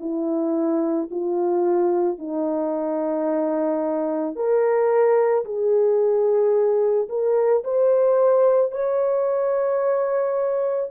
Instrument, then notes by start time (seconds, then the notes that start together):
horn
0.00 E4
1.11 F4
2.18 D#4
4.35 A#4
5.44 G#4
7.09 A#4
7.64 C5
8.72 C#5